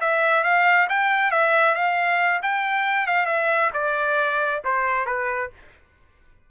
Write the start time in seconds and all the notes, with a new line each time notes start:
0.00 E5
0.43 F5
0.89 G5
1.31 E5
1.74 F5
2.42 G5
3.06 F5
3.26 E5
3.73 D5
4.64 C5
5.06 B4